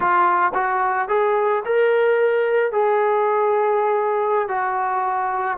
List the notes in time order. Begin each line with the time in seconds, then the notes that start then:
0.00 F4
0.54 F#4
1.08 G#4
1.65 A#4
2.71 G#4
4.48 F#4